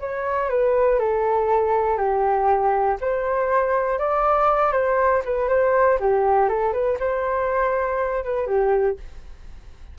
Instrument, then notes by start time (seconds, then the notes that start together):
flute
0.00 C#5
0.50 B4
0.99 A4
1.97 G4
3.01 C5
3.99 D5
4.72 C5
5.25 B4
5.48 C5
6.00 G4
6.49 A4
6.73 B4
7.00 C5
8.24 B4
8.47 G4